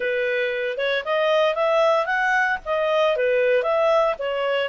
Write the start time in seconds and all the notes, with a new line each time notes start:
0.00 B4
0.77 C#5
1.04 D#5
1.55 E5
2.05 F#5
2.65 D#5
3.16 B4
3.62 E5
4.18 C#5